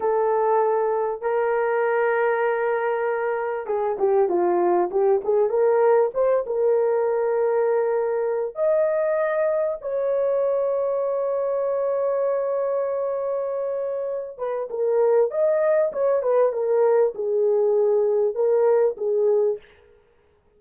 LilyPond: \new Staff \with { instrumentName = "horn" } { \time 4/4 \tempo 4 = 98 a'2 ais'2~ | ais'2 gis'8 g'8 f'4 | g'8 gis'8 ais'4 c''8 ais'4.~ | ais'2 dis''2 |
cis''1~ | cis''2.~ cis''8 b'8 | ais'4 dis''4 cis''8 b'8 ais'4 | gis'2 ais'4 gis'4 | }